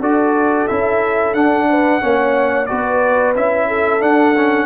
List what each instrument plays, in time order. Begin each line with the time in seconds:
0.00 tuba D4, trombone F#4, horn A4, trumpet D5
0.67 tuba C#4, trombone E4, trumpet E5
1.33 tuba D4, trombone D4, trumpet F#5
1.69 horn B4
2.00 tuba A#3, trombone C#4, horn C#5
2.66 tuba B3, trombone F#4, horn B4, trumpet D5
3.36 tuba C#4, trombone E4, trumpet E5
3.67 horn A4
4.00 trombone D4, tuba D4, trumpet F#5
4.36 trombone C#4